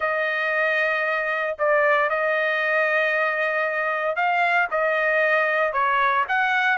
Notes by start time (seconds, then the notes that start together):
0.00 D#5
1.58 D5
2.09 D#5
4.15 F5
4.71 D#5
5.72 C#5
6.28 F#5